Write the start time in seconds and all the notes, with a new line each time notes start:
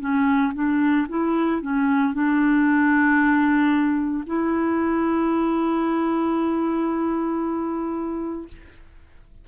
0.00 C#4
0.54 D4
1.09 E4
1.62 C#4
2.13 D4
4.26 E4